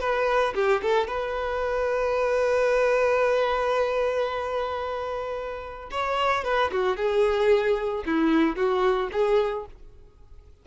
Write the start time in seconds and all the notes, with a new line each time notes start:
0.00 B4
0.55 G4
0.82 A4
1.07 B4
5.91 C#5
6.44 B4
6.72 F#4
6.96 G#4
8.06 E4
8.56 F#4
9.12 G#4